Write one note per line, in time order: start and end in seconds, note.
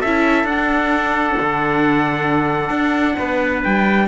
0.00 0.43 C#4
0.00 0.49 E4
0.00 3.16 A4
0.00 0.46 E5
0.43 1.33 D4
0.43 4.08 D4
0.43 3.62 F#5
1.41 2.69 D3
2.69 3.15 D4
3.17 3.64 B3
3.17 4.07 B4
3.63 4.08 G3
3.63 4.08 G5